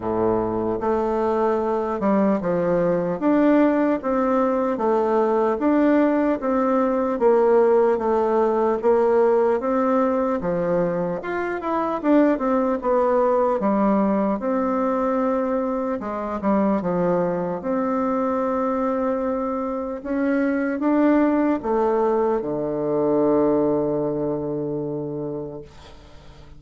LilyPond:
\new Staff \with { instrumentName = "bassoon" } { \time 4/4 \tempo 4 = 75 a,4 a4. g8 f4 | d'4 c'4 a4 d'4 | c'4 ais4 a4 ais4 | c'4 f4 f'8 e'8 d'8 c'8 |
b4 g4 c'2 | gis8 g8 f4 c'2~ | c'4 cis'4 d'4 a4 | d1 | }